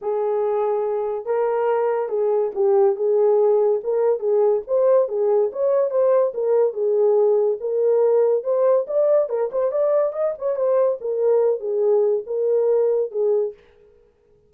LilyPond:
\new Staff \with { instrumentName = "horn" } { \time 4/4 \tempo 4 = 142 gis'2. ais'4~ | ais'4 gis'4 g'4 gis'4~ | gis'4 ais'4 gis'4 c''4 | gis'4 cis''4 c''4 ais'4 |
gis'2 ais'2 | c''4 d''4 ais'8 c''8 d''4 | dis''8 cis''8 c''4 ais'4. gis'8~ | gis'4 ais'2 gis'4 | }